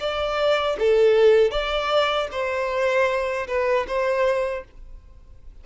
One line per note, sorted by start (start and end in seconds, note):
0.00 0.77 D5
0.79 1.51 A4
1.51 2.28 D5
2.32 3.47 C5
3.48 3.86 B4
3.88 4.65 C5